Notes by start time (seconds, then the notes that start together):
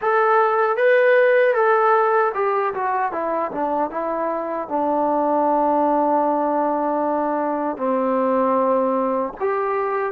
0.01 A4
0.76 B4
1.54 A4
2.34 G4
2.73 F#4
3.12 E4
3.51 D4
3.90 E4
4.68 D4
7.77 C4
9.40 G4